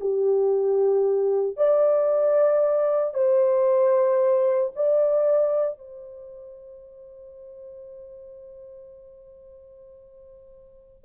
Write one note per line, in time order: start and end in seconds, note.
0.00 1.56 G4
1.56 3.13 D5
3.13 4.71 C5
4.76 5.78 D5
5.78 11.04 C5